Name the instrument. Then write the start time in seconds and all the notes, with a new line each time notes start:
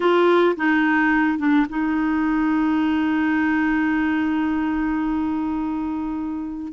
clarinet
0.00 F4
0.56 D#4
1.38 D4
1.69 D#4